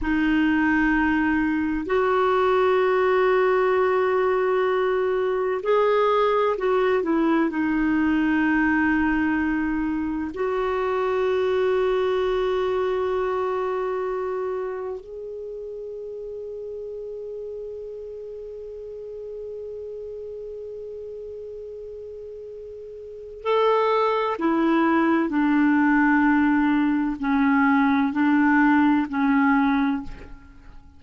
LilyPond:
\new Staff \with { instrumentName = "clarinet" } { \time 4/4 \tempo 4 = 64 dis'2 fis'2~ | fis'2 gis'4 fis'8 e'8 | dis'2. fis'4~ | fis'1 |
gis'1~ | gis'1~ | gis'4 a'4 e'4 d'4~ | d'4 cis'4 d'4 cis'4 | }